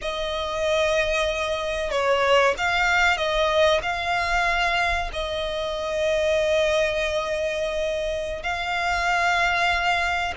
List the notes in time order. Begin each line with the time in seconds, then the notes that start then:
0.01 D#5
1.90 C#5
2.57 F5
3.17 D#5
3.82 F5
5.12 D#5
8.42 F5